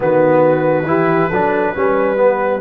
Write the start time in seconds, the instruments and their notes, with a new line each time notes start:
0.00 tuba D#3, trombone B3, horn F#4, trumpet B4
0.84 tuba E3, trombone E4, horn G4
1.29 tuba F#3, trombone D4, horn A4
1.75 tuba G3, trombone C#4, horn B4
2.16 trombone B3